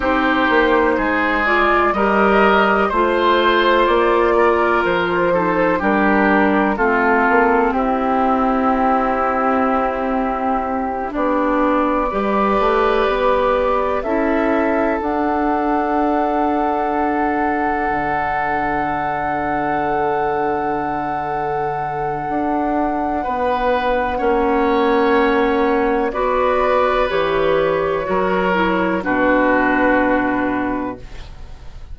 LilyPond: <<
  \new Staff \with { instrumentName = "flute" } { \time 4/4 \tempo 4 = 62 c''4. d''8 dis''4 c''4 | d''4 c''4 ais'4 a'4 | g'2.~ g'8 d''8~ | d''2~ d''8 e''4 fis''8~ |
fis''1~ | fis''1~ | fis''2. d''4 | cis''2 b'2 | }
  \new Staff \with { instrumentName = "oboe" } { \time 4/4 g'4 gis'4 ais'4 c''4~ | c''8 ais'4 a'8 g'4 f'4 | e'2.~ e'8 g'8~ | g'8 b'2 a'4.~ |
a'1~ | a'1 | b'4 cis''2 b'4~ | b'4 ais'4 fis'2 | }
  \new Staff \with { instrumentName = "clarinet" } { \time 4/4 dis'4. f'8 g'4 f'4~ | f'4. dis'8 d'4 c'4~ | c'2.~ c'8 d'8~ | d'8 g'2 e'4 d'8~ |
d'1~ | d'1~ | d'4 cis'2 fis'4 | g'4 fis'8 e'8 d'2 | }
  \new Staff \with { instrumentName = "bassoon" } { \time 4/4 c'8 ais8 gis4 g4 a4 | ais4 f4 g4 a8 ais8 | c'2.~ c'8 b8~ | b8 g8 a8 b4 cis'4 d'8~ |
d'2~ d'8 d4.~ | d2. d'4 | b4 ais2 b4 | e4 fis4 b,2 | }
>>